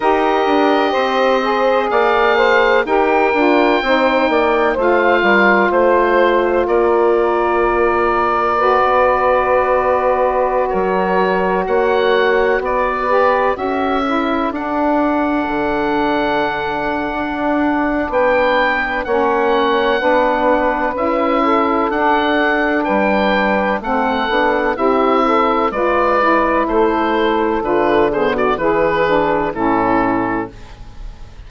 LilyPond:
<<
  \new Staff \with { instrumentName = "oboe" } { \time 4/4 \tempo 4 = 63 dis''2 f''4 g''4~ | g''4 f''4 c''4 d''4~ | d''2.~ d''16 cis''8.~ | cis''16 fis''4 d''4 e''4 fis''8.~ |
fis''2. g''4 | fis''2 e''4 fis''4 | g''4 fis''4 e''4 d''4 | c''4 b'8 c''16 d''16 b'4 a'4 | }
  \new Staff \with { instrumentName = "saxophone" } { \time 4/4 ais'4 c''4 d''8 c''8 ais'4 | c''8 d''8 c''8 ais'8 c''4 ais'4~ | ais'4 b'2~ b'16 ais'8.~ | ais'16 cis''4 b'4 a'4.~ a'16~ |
a'2. b'4 | cis''4 b'4. a'4. | b'4 a'4 g'8 a'8 b'4 | a'4. gis'16 fis'16 gis'4 e'4 | }
  \new Staff \with { instrumentName = "saxophone" } { \time 4/4 g'4. gis'4. g'8 f'8 | dis'4 f'2.~ | f'4 fis'2.~ | fis'4.~ fis'16 g'8 fis'8 e'8 d'8.~ |
d'1 | cis'4 d'4 e'4 d'4~ | d'4 c'8 d'8 e'4 f'8 e'8~ | e'4 f'8 b8 e'8 d'8 cis'4 | }
  \new Staff \with { instrumentName = "bassoon" } { \time 4/4 dis'8 d'8 c'4 ais4 dis'8 d'8 | c'8 ais8 a8 g8 a4 ais4~ | ais4~ ais16 b2 fis8.~ | fis16 ais4 b4 cis'4 d'8.~ |
d'16 d4.~ d16 d'4 b4 | ais4 b4 cis'4 d'4 | g4 a8 b8 c'4 gis4 | a4 d4 e4 a,4 | }
>>